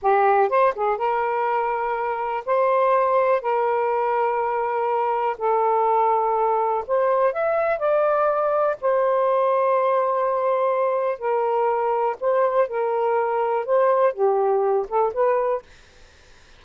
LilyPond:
\new Staff \with { instrumentName = "saxophone" } { \time 4/4 \tempo 4 = 123 g'4 c''8 gis'8 ais'2~ | ais'4 c''2 ais'4~ | ais'2. a'4~ | a'2 c''4 e''4 |
d''2 c''2~ | c''2. ais'4~ | ais'4 c''4 ais'2 | c''4 g'4. a'8 b'4 | }